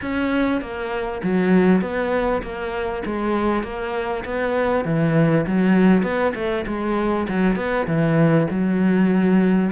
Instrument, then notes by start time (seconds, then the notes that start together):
cello
0.01 C#4
0.61 A#3
1.23 F#3
1.81 B3
2.42 A#3
3.05 G#3
3.63 A#3
4.24 B3
4.85 E3
5.46 F#3
6.02 B3
6.34 A3
6.66 G#3
7.28 F#3
7.56 B3
7.86 E3
8.50 F#3